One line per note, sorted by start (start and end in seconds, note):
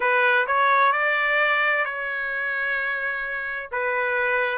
0.00 0.46 B4
0.47 0.92 C#5
0.92 1.85 D5
1.85 3.69 C#5
3.71 4.58 B4